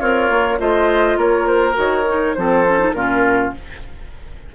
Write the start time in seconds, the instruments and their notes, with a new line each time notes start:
0.00 bassoon C4, oboe F4, clarinet A#4, flute C#5
0.30 bassoon A#3
0.59 bassoon A3, clarinet F4, oboe C5, flute D#5
1.17 bassoon A#3, oboe A#4, flute C#5
1.47 flute C5
1.74 bassoon D#3, clarinet F#4, flute C#5
2.08 clarinet D#4
2.35 bassoon F3, clarinet C4, oboe A4, flute C5
2.67 clarinet C#4
2.79 clarinet D#4
2.93 bassoon A#2, clarinet C#4, oboe F4, flute A#4